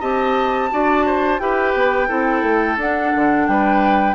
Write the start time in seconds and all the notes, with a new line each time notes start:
0.00 C4 G4 D#5 A5
0.71 D4 F#4 D5
1.06 C5
1.39 E4 G4 B4 G5
1.74 B3
2.08 C4 E4 A4
2.43 A3
2.77 D4 F#5
3.15 D3
3.47 G3 B4 G5